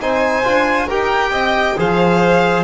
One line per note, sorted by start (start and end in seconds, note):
0.00 0.44 C4
0.00 0.44 D#4
0.00 0.87 C5
0.00 0.89 G#5
0.44 0.91 D4
0.44 0.88 F4
0.87 1.31 D#4
0.87 1.77 G4
0.87 1.31 A#4
0.87 1.79 G5
1.31 1.75 C4
1.31 1.76 D#5
1.77 2.63 F3
1.77 2.63 G#4
1.77 2.63 C5
1.77 2.63 F5